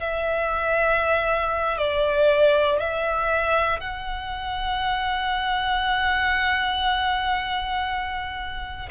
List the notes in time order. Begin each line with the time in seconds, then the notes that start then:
0.00 E5
1.78 D5
2.79 E5
3.80 F#5